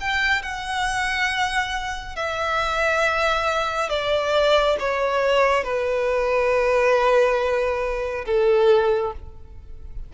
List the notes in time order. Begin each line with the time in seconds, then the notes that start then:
0.00 G5
0.42 F#5
2.15 E5
3.89 D5
4.79 C#5
5.64 B4
8.25 A4